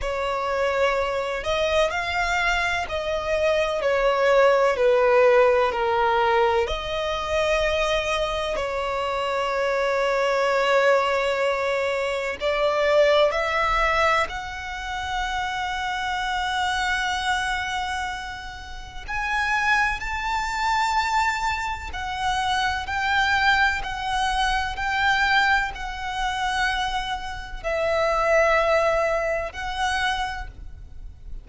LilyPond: \new Staff \with { instrumentName = "violin" } { \time 4/4 \tempo 4 = 63 cis''4. dis''8 f''4 dis''4 | cis''4 b'4 ais'4 dis''4~ | dis''4 cis''2.~ | cis''4 d''4 e''4 fis''4~ |
fis''1 | gis''4 a''2 fis''4 | g''4 fis''4 g''4 fis''4~ | fis''4 e''2 fis''4 | }